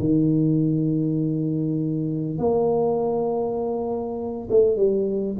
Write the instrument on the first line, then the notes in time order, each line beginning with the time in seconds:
tuba
0.00 D#3
2.39 A#3
4.51 A3
4.77 G3